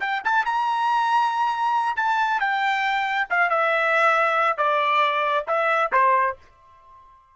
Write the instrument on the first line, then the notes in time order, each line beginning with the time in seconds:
trumpet
0.00 G5
0.24 A5
0.45 A#5
1.96 A5
2.40 G5
3.30 F5
3.50 E5
4.57 D5
5.47 E5
5.92 C5